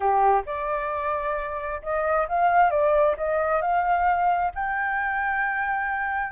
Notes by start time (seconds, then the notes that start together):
0.00 G4
0.46 D5
1.82 D#5
2.28 F5
2.70 D5
3.17 D#5
3.61 F5
4.54 G5